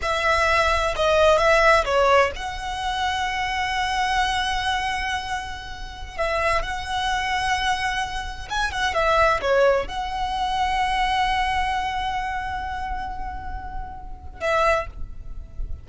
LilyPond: \new Staff \with { instrumentName = "violin" } { \time 4/4 \tempo 4 = 129 e''2 dis''4 e''4 | cis''4 fis''2.~ | fis''1~ | fis''4~ fis''16 e''4 fis''4.~ fis''16~ |
fis''2~ fis''16 gis''8 fis''8 e''8.~ | e''16 cis''4 fis''2~ fis''8.~ | fis''1~ | fis''2. e''4 | }